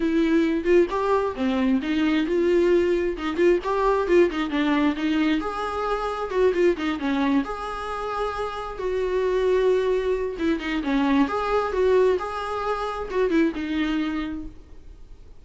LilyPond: \new Staff \with { instrumentName = "viola" } { \time 4/4 \tempo 4 = 133 e'4. f'8 g'4 c'4 | dis'4 f'2 dis'8 f'8 | g'4 f'8 dis'8 d'4 dis'4 | gis'2 fis'8 f'8 dis'8 cis'8~ |
cis'8 gis'2. fis'8~ | fis'2. e'8 dis'8 | cis'4 gis'4 fis'4 gis'4~ | gis'4 fis'8 e'8 dis'2 | }